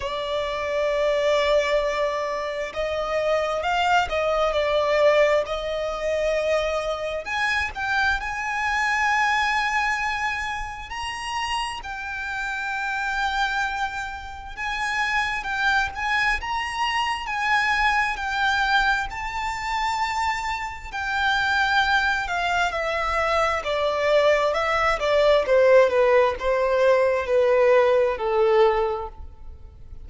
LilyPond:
\new Staff \with { instrumentName = "violin" } { \time 4/4 \tempo 4 = 66 d''2. dis''4 | f''8 dis''8 d''4 dis''2 | gis''8 g''8 gis''2. | ais''4 g''2. |
gis''4 g''8 gis''8 ais''4 gis''4 | g''4 a''2 g''4~ | g''8 f''8 e''4 d''4 e''8 d''8 | c''8 b'8 c''4 b'4 a'4 | }